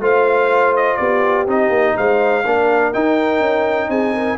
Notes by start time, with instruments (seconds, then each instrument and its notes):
0.00 tuba A3, trombone F4, horn C5, trumpet F5
0.76 trumpet D#5
0.97 tuba B3, horn G4, trumpet D5
1.47 tuba C4, trombone D#4, trumpet D#5
1.69 tuba A#3
1.96 tuba G#3, horn C5, trumpet F5
2.45 tuba A#3, trombone D4, horn A#4
2.93 trombone D#4, tuba D#4, trumpet G5
3.40 tuba C#4
3.89 tuba C4, horn G#4, trumpet G#5
4.13 horn A#4